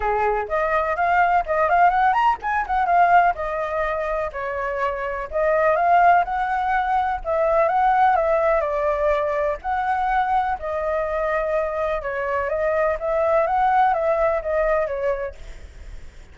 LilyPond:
\new Staff \with { instrumentName = "flute" } { \time 4/4 \tempo 4 = 125 gis'4 dis''4 f''4 dis''8 f''8 | fis''8 ais''8 gis''8 fis''8 f''4 dis''4~ | dis''4 cis''2 dis''4 | f''4 fis''2 e''4 |
fis''4 e''4 d''2 | fis''2 dis''2~ | dis''4 cis''4 dis''4 e''4 | fis''4 e''4 dis''4 cis''4 | }